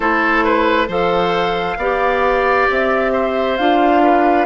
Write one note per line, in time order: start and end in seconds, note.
0.00 0.87 A3
0.00 0.87 E4
0.00 0.44 A4
0.00 0.86 C5
0.44 0.88 B4
0.87 1.77 F3
0.87 1.78 A4
0.87 1.77 C5
0.87 2.70 F5
1.77 2.66 B3
1.77 3.59 G4
1.77 3.12 D5
2.70 3.58 C4
2.70 3.56 E5
3.12 4.01 C5
3.56 4.46 D4
3.56 4.46 F4
3.56 4.46 F5
4.02 4.46 B4